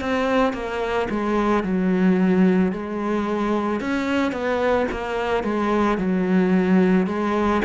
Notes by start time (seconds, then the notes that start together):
0.00 C4
0.53 A#3
1.10 G#3
1.63 F#3
2.72 G#3
3.80 C#4
4.32 B3
4.91 A#3
5.43 G#3
5.98 F#3
7.07 G#3